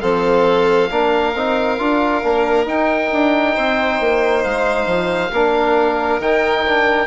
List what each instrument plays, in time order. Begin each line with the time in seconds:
0.00 bassoon F3, trombone C4, violin A4, oboe F5
0.90 bassoon A#3, trombone D4, violin A#4
1.35 bassoon C4, trombone D#4
1.78 bassoon D4, trombone F4
2.23 bassoon A#3, trombone D4
2.66 bassoon D#4, trombone D#4, oboe G5
3.12 bassoon D4
3.55 bassoon C4, violin C5
4.00 bassoon A#3
4.44 bassoon G#3, oboe F5
4.87 bassoon F3
5.32 bassoon A#3, trombone D4, violin A#4
6.19 bassoon D#3, trombone D#4, oboe G5
6.66 trombone D4